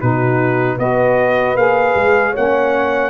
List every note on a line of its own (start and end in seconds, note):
0.00 0.78 B2
0.00 0.78 D#4
0.00 0.76 F#4
0.00 0.78 B4
0.76 1.55 B3
0.76 1.56 F#4
0.76 2.31 B4
0.76 1.56 D#5
1.55 1.94 A#3
1.55 2.34 G#4
1.55 2.34 F5
1.95 2.34 G#3
2.31 3.10 C#4
2.31 3.09 C#5
2.31 3.10 F#5
2.37 3.10 A#3